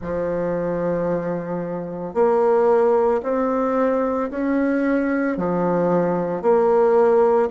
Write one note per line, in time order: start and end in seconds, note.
0.01 2.14 F3
2.14 3.21 A#3
3.22 4.30 C4
4.30 5.37 C#4
5.37 6.41 F3
6.41 7.49 A#3